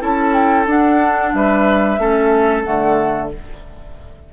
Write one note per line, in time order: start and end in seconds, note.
0.00 0.66 C#4
0.00 0.66 E4
0.00 1.33 A4
0.00 0.33 A5
0.33 0.66 G5
0.66 1.32 D4
0.66 1.99 D4
0.66 1.34 F#5
1.33 1.98 G3
1.33 2.00 B4
1.33 2.63 E5
1.98 2.64 A3
1.98 2.64 C#4
1.98 3.32 A4
2.63 3.33 D3
2.63 3.30 A3
2.63 3.29 F#5